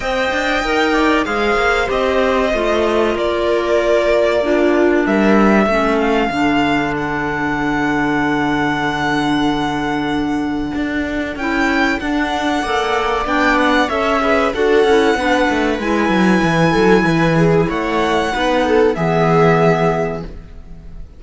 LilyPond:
<<
  \new Staff \with { instrumentName = "violin" } { \time 4/4 \tempo 4 = 95 g''2 f''4 dis''4~ | dis''4 d''2. | e''4. f''4. fis''4~ | fis''1~ |
fis''2 g''4 fis''4~ | fis''4 g''8 fis''8 e''4 fis''4~ | fis''4 gis''2. | fis''2 e''2 | }
  \new Staff \with { instrumentName = "viola" } { \time 4/4 dis''4. d''8 c''2~ | c''4 ais'2 f'4 | ais'4 a'2.~ | a'1~ |
a'1 | d''2 cis''8 b'8 a'4 | b'2~ b'8 a'8 b'8 gis'8 | cis''4 b'8 a'8 gis'2 | }
  \new Staff \with { instrumentName = "clarinet" } { \time 4/4 c''4 ais'4 gis'4 g'4 | f'2. d'4~ | d'4 cis'4 d'2~ | d'1~ |
d'2 e'4 d'4 | a'4 d'4 a'8 gis'8 fis'8 e'8 | d'4 e'2.~ | e'4 dis'4 b2 | }
  \new Staff \with { instrumentName = "cello" } { \time 4/4 c'8 d'8 dis'4 gis8 ais8 c'4 | a4 ais2. | g4 a4 d2~ | d1~ |
d4 d'4 cis'4 d'4 | ais4 b4 cis'4 d'8 cis'8 | b8 a8 gis8 fis8 e8 fis8 e4 | a4 b4 e2 | }
>>